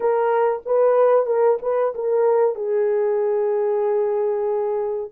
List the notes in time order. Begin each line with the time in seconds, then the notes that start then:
0.00 A#4
0.65 B4
1.26 A#4
1.62 B4
1.94 A#4
2.55 G#4